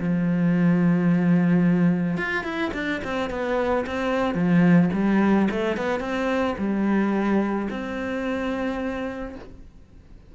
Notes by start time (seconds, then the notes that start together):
0.00 F3
2.18 F4
2.44 E4
2.74 D4
3.04 C4
3.30 B3
3.87 C4
4.35 F3
4.94 G3
5.51 A3
5.77 B3
6.00 C4
6.59 G3
7.70 C4